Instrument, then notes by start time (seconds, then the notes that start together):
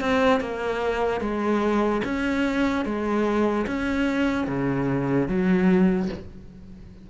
cello
0.00 C4
0.41 A#3
1.21 G#3
2.04 C#4
2.85 G#3
3.67 C#4
4.47 C#3
5.28 F#3